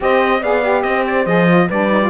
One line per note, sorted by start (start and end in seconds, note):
0.00 0.42 C4
0.00 0.40 G4
0.00 0.40 C5
0.00 0.43 D#5
0.40 0.83 B3
0.40 0.62 G#4
0.40 0.83 D5
0.40 0.82 F5
0.62 1.25 G4
0.82 1.26 C4
0.82 1.67 C5
0.82 1.03 D#5
1.07 1.26 D5
1.26 1.68 F3
1.26 1.47 G#4
1.26 1.68 D#5
1.47 1.68 F4
1.67 2.10 G3
1.67 1.90 D4
1.67 2.09 B4
1.67 2.10 D5
1.90 2.01 D#4
2.02 2.10 F4